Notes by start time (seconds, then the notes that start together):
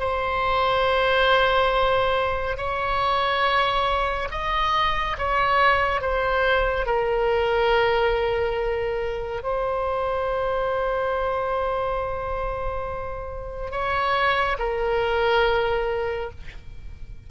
0.00 C5
2.57 C#5
4.31 D#5
5.18 C#5
6.02 C5
6.86 A#4
9.43 C5
13.71 C#5
14.59 A#4